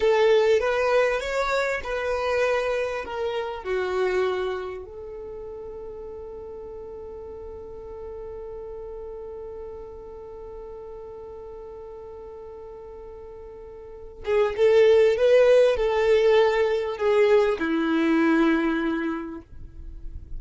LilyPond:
\new Staff \with { instrumentName = "violin" } { \time 4/4 \tempo 4 = 99 a'4 b'4 cis''4 b'4~ | b'4 ais'4 fis'2 | a'1~ | a'1~ |
a'1~ | a'2.~ a'8 gis'8 | a'4 b'4 a'2 | gis'4 e'2. | }